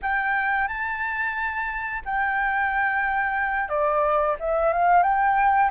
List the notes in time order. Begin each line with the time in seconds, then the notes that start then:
0.02 G5
0.67 A5
2.05 G5
3.68 D5
4.39 E5
4.72 F5
5.02 G5